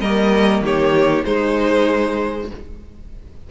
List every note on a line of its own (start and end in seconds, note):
0.00 0.62 G3
0.00 1.24 A#3
0.00 0.63 A#4
0.00 0.63 D#5
0.62 1.24 D#3
0.62 1.26 G4
0.62 1.25 C#5
1.24 2.49 G#3
1.24 2.51 G#3
1.24 2.51 D#4
1.24 2.50 C5